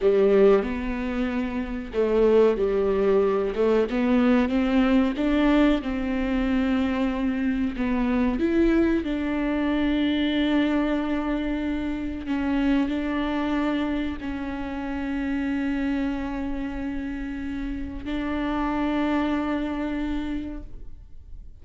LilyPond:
\new Staff \with { instrumentName = "viola" } { \time 4/4 \tempo 4 = 93 g4 b2 a4 | g4. a8 b4 c'4 | d'4 c'2. | b4 e'4 d'2~ |
d'2. cis'4 | d'2 cis'2~ | cis'1 | d'1 | }